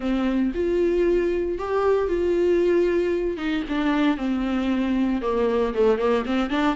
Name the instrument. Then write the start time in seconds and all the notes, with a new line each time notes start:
viola
0.00 C4
0.54 F4
1.58 G4
2.08 F4
3.37 D#4
3.68 D4
4.17 C4
5.21 A#3
5.73 A3
5.98 A#3
6.25 C4
6.50 D4